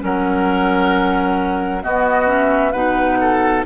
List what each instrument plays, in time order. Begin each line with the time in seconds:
0.00 bassoon F#3, clarinet C#4, oboe A#4, flute F#5
1.83 clarinet B3, bassoon B3, oboe F#4, flute D#5
2.27 clarinet C#4, flute E5
2.72 bassoon B2, clarinet D#4, oboe B4, flute F#5
3.21 oboe A4